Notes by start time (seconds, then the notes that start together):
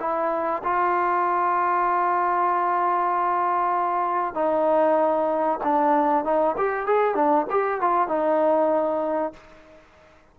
0.00 E4
0.64 F4
4.34 D#4
5.63 D4
6.24 D#4
6.57 G4
6.86 G#4
7.15 D4
7.50 G4
7.81 F4
8.08 D#4